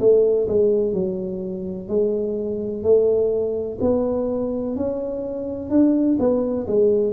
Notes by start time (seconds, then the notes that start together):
0.00 A3
0.48 G#3
0.94 F#3
1.89 G#3
2.84 A3
3.81 B3
4.76 C#4
5.71 D4
6.20 B3
6.68 G#3